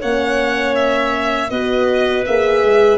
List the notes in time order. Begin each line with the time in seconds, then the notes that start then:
0.00 A#3 C#4 C#5 F#5
0.75 E5
1.49 B3 F#4 B4 D#5
2.25 A#3 G#4 E5
2.63 G#3